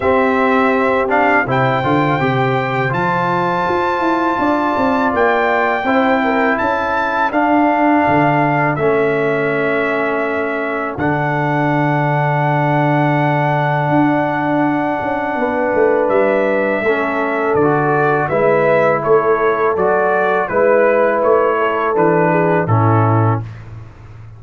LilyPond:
<<
  \new Staff \with { instrumentName = "trumpet" } { \time 4/4 \tempo 4 = 82 e''4. f''8 g''2 | a''2. g''4~ | g''4 a''4 f''2 | e''2. fis''4~ |
fis''1~ | fis''2 e''2 | d''4 e''4 cis''4 d''4 | b'4 cis''4 b'4 a'4 | }
  \new Staff \with { instrumentName = "horn" } { \time 4/4 g'2 c''2~ | c''2 d''2 | c''8 ais'8 a'2.~ | a'1~ |
a'1~ | a'4 b'2 a'4~ | a'4 b'4 a'2 | b'4. a'4 gis'8 e'4 | }
  \new Staff \with { instrumentName = "trombone" } { \time 4/4 c'4. d'8 e'8 f'8 g'4 | f'1 | e'2 d'2 | cis'2. d'4~ |
d'1~ | d'2. cis'4 | fis'4 e'2 fis'4 | e'2 d'4 cis'4 | }
  \new Staff \with { instrumentName = "tuba" } { \time 4/4 c'2 c8 d8 c4 | f4 f'8 e'8 d'8 c'8 ais4 | c'4 cis'4 d'4 d4 | a2. d4~ |
d2. d'4~ | d'8 cis'8 b8 a8 g4 a4 | d4 gis4 a4 fis4 | gis4 a4 e4 a,4 | }
>>